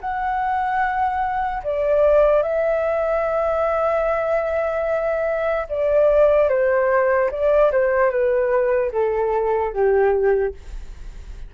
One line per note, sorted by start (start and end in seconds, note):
0.00 1.62 F#5
1.63 2.42 D5
2.42 5.66 E5
5.69 6.49 D5
6.49 7.30 C5
7.31 7.71 D5
7.71 8.10 C5
8.10 8.91 B4
8.92 9.73 A4
9.73 10.54 G4